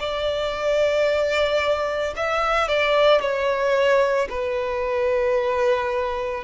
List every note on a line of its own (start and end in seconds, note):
0.00 2.14 D5
2.16 2.68 E5
2.68 3.21 D5
3.21 4.28 C#5
4.30 6.44 B4